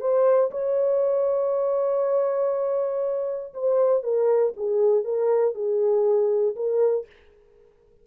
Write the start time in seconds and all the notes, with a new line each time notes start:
0.00 C5
0.51 C#5
3.54 C5
4.03 A#4
4.57 G#4
5.04 A#4
5.54 G#4
6.55 A#4